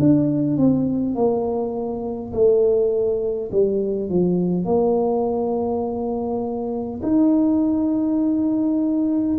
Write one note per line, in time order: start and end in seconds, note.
0.00 0.57 D4
0.57 1.15 C4
1.15 2.33 A#3
2.33 3.51 A3
3.51 4.10 G3
4.10 4.65 F3
4.65 7.01 A#3
7.03 9.38 D#4